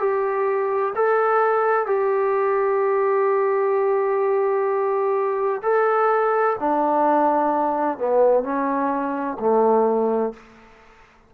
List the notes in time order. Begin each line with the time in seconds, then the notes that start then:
0.00 G4
0.95 A4
1.87 G4
5.62 A4
6.60 D4
7.98 B3
8.43 C#4
9.40 A3